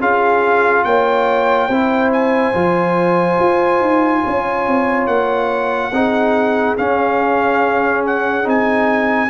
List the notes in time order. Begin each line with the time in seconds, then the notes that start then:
0.00 C#4 F4 G#4 F5
0.84 A#3 C#5 G5
1.67 C4 E4 C5
2.12 G#5
2.54 F3 F4
3.39 F4
3.81 D#4
4.24 C#4 C#5
4.67 C4
5.07 A#3 F#5
5.93 C4 D#4 G#4
6.77 C#4 F5
8.06 F#5
8.44 C4 D#4 G#5